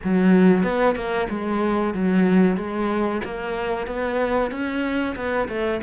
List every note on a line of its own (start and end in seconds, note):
0.04 0.63 F#3
0.63 0.95 B3
0.95 1.27 A#3
1.29 1.94 G#3
1.94 2.56 F#3
2.56 3.21 G#3
3.24 3.86 A#3
3.86 4.51 B3
4.51 5.15 C#4
5.16 5.48 B3
5.48 5.80 A3